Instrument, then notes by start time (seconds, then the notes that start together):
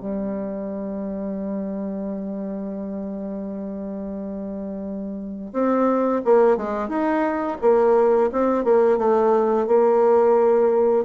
bassoon
0.00 G3
5.53 C4
6.24 A#3
6.57 G#3
6.88 D#4
7.61 A#3
8.32 C4
8.64 A#3
8.98 A3
9.67 A#3